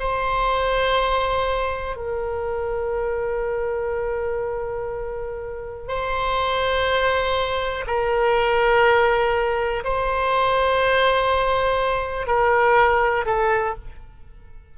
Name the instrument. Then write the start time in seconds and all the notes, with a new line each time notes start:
oboe
0.00 C5
1.96 A#4
5.88 C5
7.87 A#4
9.84 C5
12.27 A#4
13.26 A4